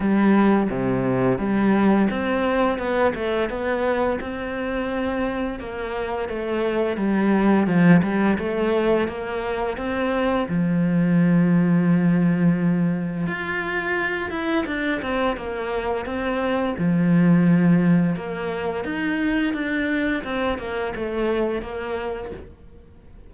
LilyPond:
\new Staff \with { instrumentName = "cello" } { \time 4/4 \tempo 4 = 86 g4 c4 g4 c'4 | b8 a8 b4 c'2 | ais4 a4 g4 f8 g8 | a4 ais4 c'4 f4~ |
f2. f'4~ | f'8 e'8 d'8 c'8 ais4 c'4 | f2 ais4 dis'4 | d'4 c'8 ais8 a4 ais4 | }